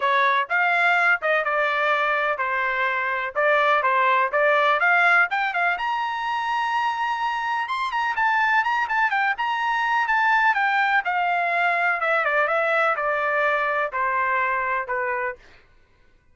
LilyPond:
\new Staff \with { instrumentName = "trumpet" } { \time 4/4 \tempo 4 = 125 cis''4 f''4. dis''8 d''4~ | d''4 c''2 d''4 | c''4 d''4 f''4 g''8 f''8 | ais''1 |
c'''8 ais''8 a''4 ais''8 a''8 g''8 ais''8~ | ais''4 a''4 g''4 f''4~ | f''4 e''8 d''8 e''4 d''4~ | d''4 c''2 b'4 | }